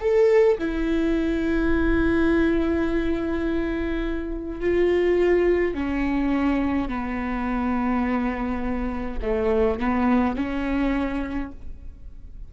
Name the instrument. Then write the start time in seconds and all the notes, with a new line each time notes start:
viola
0.00 A4
0.58 E4
4.60 F4
5.74 C#4
6.89 B3
9.22 A3
9.79 B3
10.36 C#4